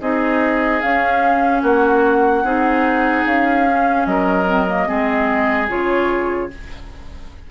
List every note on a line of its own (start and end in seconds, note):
0.00 0.81 C4
0.00 0.81 D#4
0.00 1.62 G#4
0.00 0.80 D#5
0.80 2.44 C#4
0.80 1.62 C#4
0.80 1.61 F5
1.62 2.43 A#3
1.62 2.43 F#4
1.62 3.26 F#5
2.43 3.24 C4
2.43 3.66 D#4
2.43 4.07 G#4
3.25 4.06 C#4
3.25 4.05 F5
3.70 4.46 C#4
4.05 4.87 F#3
4.05 4.87 A#4
4.05 5.68 D#5
4.46 4.66 C4
4.67 4.86 A#3
4.86 5.69 G#3
4.86 5.68 C4
4.86 6.50 G#4
5.68 6.50 C#3
5.68 6.49 F4
5.68 6.50 C#5